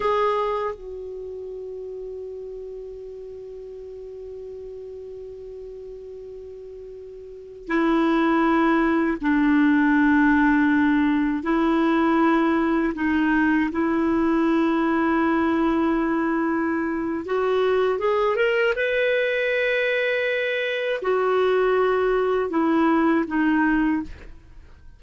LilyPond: \new Staff \with { instrumentName = "clarinet" } { \time 4/4 \tempo 4 = 80 gis'4 fis'2.~ | fis'1~ | fis'2~ fis'16 e'4.~ e'16~ | e'16 d'2. e'8.~ |
e'4~ e'16 dis'4 e'4.~ e'16~ | e'2. fis'4 | gis'8 ais'8 b'2. | fis'2 e'4 dis'4 | }